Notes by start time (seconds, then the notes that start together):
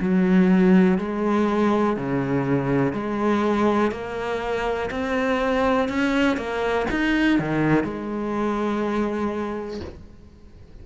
0.00 F#3
0.98 G#3
1.96 C#3
2.93 G#3
3.91 A#3
4.90 C4
5.88 C#4
6.37 A#3
6.90 D#4
7.39 D#3
7.84 G#3